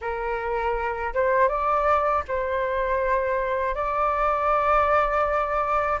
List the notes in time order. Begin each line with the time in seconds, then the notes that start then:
0.01 A#4
1.14 C5
1.48 D5
2.28 C5
3.74 D5